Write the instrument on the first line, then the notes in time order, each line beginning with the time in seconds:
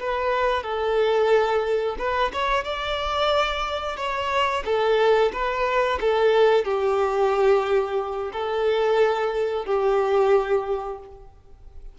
violin
0.00 B4
0.63 A4
1.98 B4
2.33 C#5
2.64 D5
3.97 C#5
4.65 A4
5.32 B4
6.01 A4
6.65 G4
8.33 A4
9.65 G4